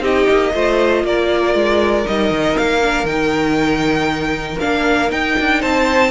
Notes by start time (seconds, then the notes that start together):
0.00 C4 D#4 G4 D#5
0.29 A#3
0.54 A3 F4 C5
1.03 A#3 A#4 D5
1.54 G#3
2.05 G3 D#4 D#5
2.30 D#3
2.57 A#3 F5
2.81 D4
3.04 D#3 D#4 G5
4.60 A#3 D4 F5
5.09 D#4 G5
5.39 D4
5.60 C4 C5 A5